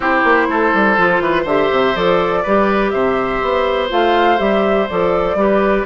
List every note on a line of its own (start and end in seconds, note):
0.00 0.22 C4
0.00 0.97 E4
0.00 0.47 G4
0.00 1.47 C5
0.23 0.48 A#3
0.48 0.73 A3
0.48 1.23 A4
0.73 0.97 G3
0.97 1.20 F3
0.97 1.46 F4
1.20 1.44 E3
1.20 1.42 B4
1.42 1.69 D3
1.42 1.95 G4
1.42 2.40 C5
1.42 1.95 E5
1.71 1.95 C3
1.95 2.43 F3
1.95 2.43 A4
1.95 2.90 D5
2.42 2.93 G3
2.42 3.89 G4
2.42 2.91 B4
2.90 3.42 C3
2.90 5.37 C5
2.90 3.87 E5
3.42 3.91 B3
3.89 4.39 A3
3.89 4.37 F4
3.89 4.38 F5
4.37 4.88 G3
4.37 4.86 G4
4.37 4.87 E5
4.88 5.34 F3
4.88 5.37 A4
4.88 5.85 D5
5.34 5.83 G3
5.34 5.85 G4
5.34 5.85 B4